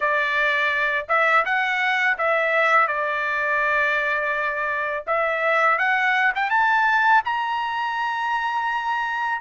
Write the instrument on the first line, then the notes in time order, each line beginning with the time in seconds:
trumpet
0.00 D5
1.08 E5
1.45 F#5
2.18 E5
2.87 D5
5.06 E5
5.78 F#5
6.35 G5
6.50 A5
7.24 A#5